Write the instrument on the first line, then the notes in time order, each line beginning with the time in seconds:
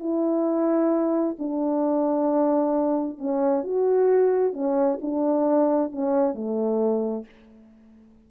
horn
0.00 E4
1.39 D4
3.18 C#4
3.64 F#4
4.54 C#4
5.02 D4
5.92 C#4
6.35 A3